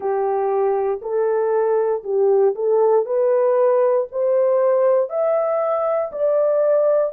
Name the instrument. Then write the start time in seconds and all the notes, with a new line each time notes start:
horn
0.00 G4
1.01 A4
2.03 G4
2.55 A4
3.05 B4
4.11 C5
5.09 E5
6.12 D5